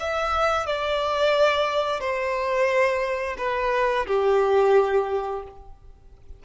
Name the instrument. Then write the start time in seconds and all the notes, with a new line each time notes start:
violin
0.00 E5
0.67 D5
2.01 C5
3.38 B4
4.07 G4